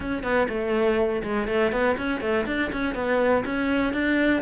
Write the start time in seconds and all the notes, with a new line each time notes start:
0.00 C#4
0.23 B3
0.48 A3
1.23 G#3
1.47 A3
1.71 B3
1.97 C#4
2.20 A3
2.46 D4
2.72 C#4
2.94 B3
3.45 C#4
3.93 D4